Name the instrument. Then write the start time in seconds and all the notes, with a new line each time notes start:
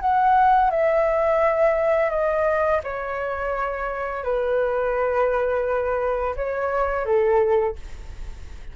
flute
0.00 F#5
0.70 E5
2.10 D#5
2.83 C#5
4.23 B4
6.36 C#5
7.05 A4